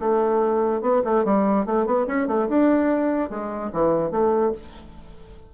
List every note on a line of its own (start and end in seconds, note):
0.00 0.82 A3
0.82 1.03 B3
1.04 1.25 A3
1.25 1.66 G3
1.66 1.87 A3
1.87 2.07 B3
2.07 2.28 C#4
2.28 2.48 A3
2.49 3.30 D4
3.30 3.71 G#3
3.73 4.11 E3
4.11 4.52 A3